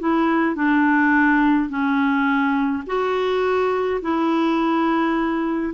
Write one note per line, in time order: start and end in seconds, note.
0.00 0.56 E4
0.56 1.69 D4
1.69 2.84 C#4
2.87 4.01 F#4
4.02 5.74 E4